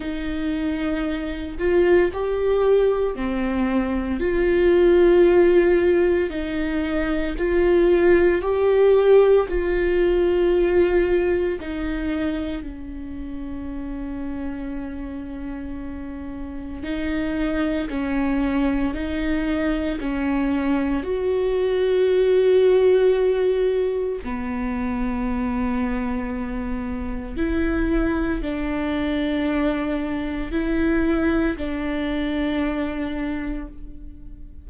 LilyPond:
\new Staff \with { instrumentName = "viola" } { \time 4/4 \tempo 4 = 57 dis'4. f'8 g'4 c'4 | f'2 dis'4 f'4 | g'4 f'2 dis'4 | cis'1 |
dis'4 cis'4 dis'4 cis'4 | fis'2. b4~ | b2 e'4 d'4~ | d'4 e'4 d'2 | }